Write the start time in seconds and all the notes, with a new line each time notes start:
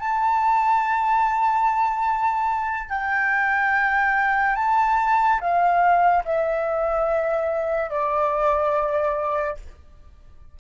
0.00 A5
2.89 G5
4.56 A5
5.41 F5
6.25 E5
7.91 D5